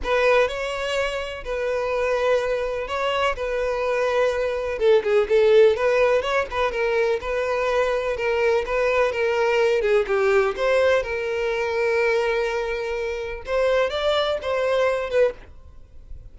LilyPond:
\new Staff \with { instrumentName = "violin" } { \time 4/4 \tempo 4 = 125 b'4 cis''2 b'4~ | b'2 cis''4 b'4~ | b'2 a'8 gis'8 a'4 | b'4 cis''8 b'8 ais'4 b'4~ |
b'4 ais'4 b'4 ais'4~ | ais'8 gis'8 g'4 c''4 ais'4~ | ais'1 | c''4 d''4 c''4. b'8 | }